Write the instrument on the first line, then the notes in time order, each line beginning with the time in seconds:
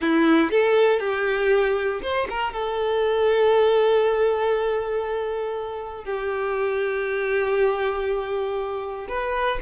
violin
0.01 E4
0.50 A4
0.99 G4
2.02 C5
2.29 A#4
2.53 A4
6.04 G4
9.08 B4